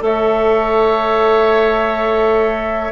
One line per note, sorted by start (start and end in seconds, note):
0.00 2.91 A3
0.00 2.90 A4
0.00 2.92 C#5
0.00 2.92 E5